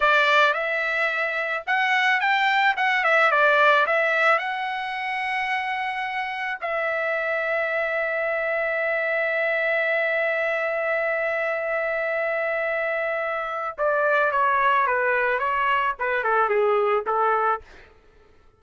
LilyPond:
\new Staff \with { instrumentName = "trumpet" } { \time 4/4 \tempo 4 = 109 d''4 e''2 fis''4 | g''4 fis''8 e''8 d''4 e''4 | fis''1 | e''1~ |
e''1~ | e''1~ | e''4 d''4 cis''4 b'4 | cis''4 b'8 a'8 gis'4 a'4 | }